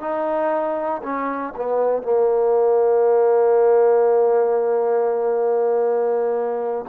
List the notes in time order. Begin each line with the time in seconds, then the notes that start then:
0.00 D#4
1.03 C#4
1.57 B3
2.02 A#3